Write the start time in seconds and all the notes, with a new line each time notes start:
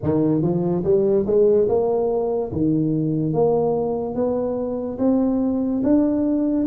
0.02 D#3
0.42 F3
0.83 G3
1.26 G#3
1.68 A#3
2.52 D#3
3.33 A#3
4.14 B3
4.98 C4
5.83 D4